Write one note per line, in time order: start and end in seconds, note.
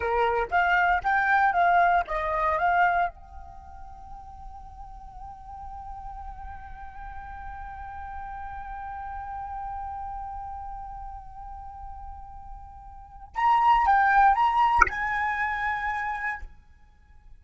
0.00 0.48 A#4
0.50 1.02 F5
1.03 1.52 G5
1.52 2.04 F5
2.07 2.58 D#5
2.58 3.09 F5
3.09 13.34 G5
13.35 13.86 A#5
13.86 14.34 G5
14.34 14.86 A#5
14.88 16.42 G#5